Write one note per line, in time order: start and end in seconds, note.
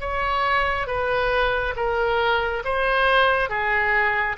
0.00 0.87 C#5
0.87 1.74 B4
1.75 2.62 A#4
2.64 3.49 C5
3.49 4.36 G#4